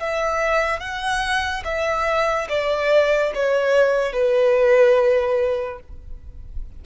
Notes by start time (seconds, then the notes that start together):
0.00 E5
0.80 F#5
1.65 E5
2.49 D5
3.34 C#5
4.13 B4